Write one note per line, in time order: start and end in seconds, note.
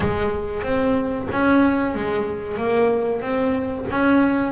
0.00 0.62 G#3
0.62 1.27 C4
1.31 1.94 C#4
1.94 2.57 G#3
2.57 3.21 A#3
3.21 3.85 C4
3.90 4.52 C#4